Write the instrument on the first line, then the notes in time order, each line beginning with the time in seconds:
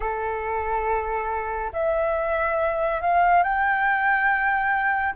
flute
0.00 A4
1.72 E5
3.01 F5
3.43 G5